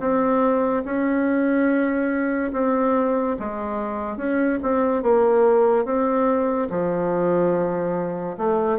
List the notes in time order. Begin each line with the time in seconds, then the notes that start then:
0.00 C4
0.85 C#4
2.53 C4
3.40 G#3
4.17 C#4
4.63 C4
5.03 A#3
5.85 C4
6.70 F3
8.38 A3